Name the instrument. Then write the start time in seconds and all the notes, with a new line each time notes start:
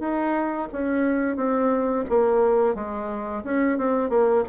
bassoon
0.00 D#4
0.73 C#4
1.37 C4
2.10 A#3
2.75 G#3
3.44 C#4
3.79 C4
4.10 A#3